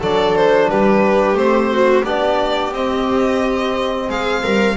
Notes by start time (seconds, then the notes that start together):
0.00 F#3 D4 A4 D5
0.36 C5
0.69 G3 G4 B4
1.34 A3 C4 C5
1.73 F#4
2.03 B3 D4 G4 D5
2.72 C4 D#5
4.09 G#3 G#4 F5
4.43 G3 A#4